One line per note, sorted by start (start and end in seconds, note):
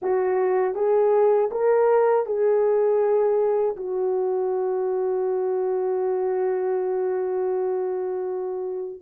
0.02 0.75 F#4
0.75 1.50 G#4
1.51 2.26 A#4
2.26 3.76 G#4
3.76 9.01 F#4